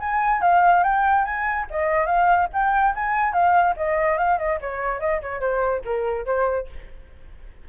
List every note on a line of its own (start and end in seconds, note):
0.00 0.41 G#5
0.41 0.83 F5
0.84 1.25 G5
1.25 1.66 G#5
1.70 2.06 D#5
2.06 2.48 F5
2.53 2.95 G5
2.95 3.33 G#5
3.33 3.75 F5
3.77 4.18 D#5
4.18 4.38 F5
4.38 4.59 D#5
4.61 5.00 C#5
5.00 5.21 D#5
5.21 5.40 C#5
5.40 5.82 C5
5.85 6.25 A#4
6.25 6.67 C5